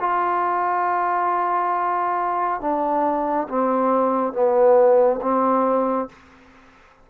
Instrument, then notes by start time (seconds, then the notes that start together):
trombone
0.00 F4
2.61 D4
3.49 C4
4.33 B3
5.22 C4